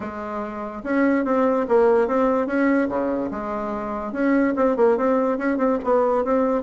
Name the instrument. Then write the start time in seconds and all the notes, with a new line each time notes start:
bassoon
0.00 G#3
0.83 C#4
1.24 C4
1.68 A#3
2.07 C4
2.46 C#4
2.89 C#3
3.30 G#3
4.12 C#4
4.56 C4
4.76 A#3
4.97 C4
5.38 C#4
5.57 C4
5.83 B3
6.24 C4